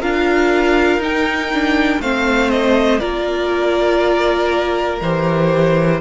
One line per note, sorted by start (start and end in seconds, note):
0.00 0.98 D4
0.00 1.01 F4
0.00 2.00 A#4
0.00 1.02 F5
0.98 1.98 D#4
0.98 1.51 D#4
0.98 2.01 G5
1.53 2.02 D4
2.00 3.00 A3
2.00 3.00 C4
2.00 3.00 C5
2.00 2.50 F5
2.50 2.99 D#5
2.99 5.01 A#3
2.99 5.00 F4
2.99 6.00 A#4
2.99 4.99 D5
5.01 6.01 E3
5.01 6.01 G4
5.01 6.01 C5